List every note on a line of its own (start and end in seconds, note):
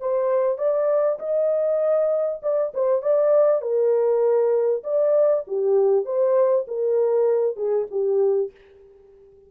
0.00 0.58 C5
0.58 1.18 D5
1.19 2.40 D#5
2.42 2.72 D5
2.74 3.02 C5
3.02 3.61 D5
3.61 4.83 A#4
4.83 5.44 D5
5.47 6.05 G4
6.05 6.66 C5
6.67 7.56 A#4
7.56 7.87 G#4
7.91 8.51 G4